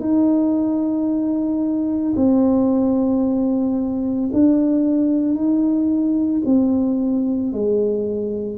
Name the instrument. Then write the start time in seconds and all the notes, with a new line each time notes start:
tuba
0.00 D#4
2.16 C4
4.33 D4
5.35 D#4
6.46 C4
7.52 G#3